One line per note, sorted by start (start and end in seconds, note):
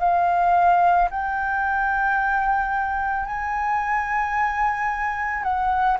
0.00 1.09 F5
1.11 3.26 G5
3.26 5.43 G#5
5.43 5.98 F#5